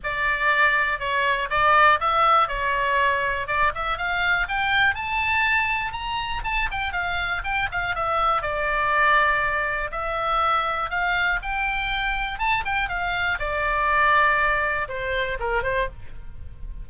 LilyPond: \new Staff \with { instrumentName = "oboe" } { \time 4/4 \tempo 4 = 121 d''2 cis''4 d''4 | e''4 cis''2 d''8 e''8 | f''4 g''4 a''2 | ais''4 a''8 g''8 f''4 g''8 f''8 |
e''4 d''2. | e''2 f''4 g''4~ | g''4 a''8 g''8 f''4 d''4~ | d''2 c''4 ais'8 c''8 | }